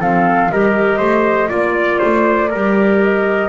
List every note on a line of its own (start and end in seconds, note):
0.00 0.50 F3
0.00 0.51 C4
0.00 0.51 A4
0.00 0.51 F5
0.51 1.00 G3
0.51 1.49 G4
0.51 0.98 A#4
0.51 1.51 D#5
0.98 1.50 A3
0.98 1.48 C5
1.49 2.01 A#3
1.49 2.49 F4
1.49 1.99 D5
1.55 3.04 D5
1.99 2.54 A3
1.99 2.49 C5
2.51 3.49 G3
2.51 3.49 G4
2.51 3.49 A#4
3.04 3.49 D#5